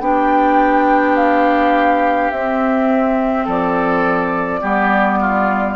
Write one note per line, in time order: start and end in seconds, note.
0.00 2.31 B3
0.00 2.32 D4
0.00 3.45 G4
0.00 1.16 G5
1.16 2.31 F5
2.31 3.46 C4
2.31 4.61 C4
2.31 3.46 E5
3.45 4.62 F3
3.45 4.60 A4
3.45 5.76 D5
4.61 5.76 G3
4.61 5.76 B3
4.61 5.19 G4
5.20 5.76 F4